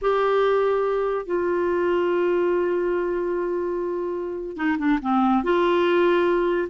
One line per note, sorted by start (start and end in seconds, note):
0.01 1.26 G4
1.26 4.56 F4
4.56 4.77 D#4
4.78 4.99 D4
5.02 5.43 C4
5.43 6.68 F4